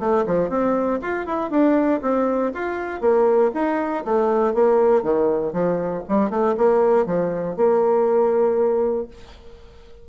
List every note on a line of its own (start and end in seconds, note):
0.00 0.25 A3
0.27 0.50 F3
0.50 1.00 C4
1.02 1.26 F4
1.26 1.51 E4
1.51 2.01 D4
2.02 2.52 C4
2.54 3.01 F4
3.01 3.52 A#3
3.54 4.05 D#4
4.05 4.54 A3
4.54 5.03 A#3
5.03 5.53 D#3
5.53 6.03 F3
6.09 6.30 G3
6.30 6.55 A3
6.57 7.06 A#3
7.06 7.57 F3
7.57 9.08 A#3